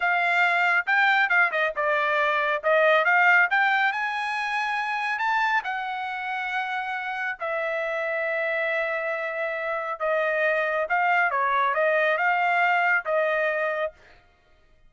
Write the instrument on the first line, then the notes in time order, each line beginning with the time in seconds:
trumpet
0.00 F5
0.86 G5
1.29 F5
1.51 D#5
1.75 D5
2.63 D#5
3.05 F5
3.50 G5
3.92 G#5
5.18 A5
5.64 F#5
7.39 E5
9.99 D#5
10.89 F5
11.30 C#5
11.74 D#5
12.17 F5
13.05 D#5